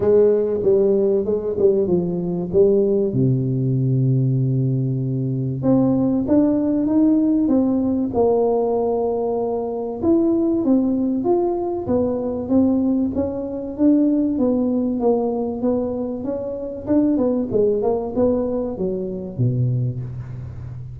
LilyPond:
\new Staff \with { instrumentName = "tuba" } { \time 4/4 \tempo 4 = 96 gis4 g4 gis8 g8 f4 | g4 c2.~ | c4 c'4 d'4 dis'4 | c'4 ais2. |
e'4 c'4 f'4 b4 | c'4 cis'4 d'4 b4 | ais4 b4 cis'4 d'8 b8 | gis8 ais8 b4 fis4 b,4 | }